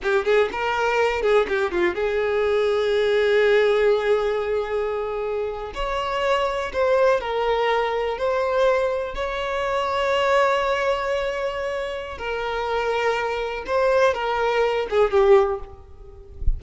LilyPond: \new Staff \with { instrumentName = "violin" } { \time 4/4 \tempo 4 = 123 g'8 gis'8 ais'4. gis'8 g'8 f'8 | gis'1~ | gis'2.~ gis'8. cis''16~ | cis''4.~ cis''16 c''4 ais'4~ ais'16~ |
ais'8. c''2 cis''4~ cis''16~ | cis''1~ | cis''4 ais'2. | c''4 ais'4. gis'8 g'4 | }